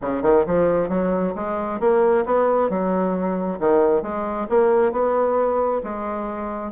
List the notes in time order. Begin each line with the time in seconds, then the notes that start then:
0.01 C#3
0.22 D#3
0.46 F3
0.88 F#3
1.35 G#3
1.80 A#3
2.25 B3
2.69 F#3
3.59 D#3
4.02 G#3
4.49 A#3
4.92 B3
5.83 G#3